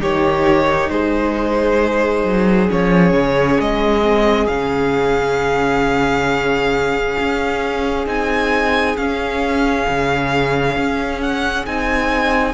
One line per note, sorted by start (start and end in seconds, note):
0.00 0.90 D#3
0.00 2.69 D#4
0.00 0.90 G4
0.00 0.90 C#5
0.90 2.25 G#3
0.90 12.54 G#4
0.90 2.70 C5
2.25 2.69 F#3
2.69 3.13 F3
2.69 4.02 C#4
2.69 3.61 C#5
3.13 3.58 C#3
3.60 4.48 G#3
3.60 4.48 D#5
4.02 4.47 C4
4.48 7.17 C#3
4.48 8.06 C#4
4.48 8.06 F5
7.20 8.07 C#4
8.06 8.96 C4
8.06 8.96 D#4
8.06 8.97 G#5
8.97 9.87 C#4
8.97 11.67 C#4
8.97 11.21 F5
9.89 10.77 C#3
10.77 11.66 C#4
11.21 11.66 F#5
11.67 12.54 C4
11.67 12.54 D#4
11.67 12.54 G#5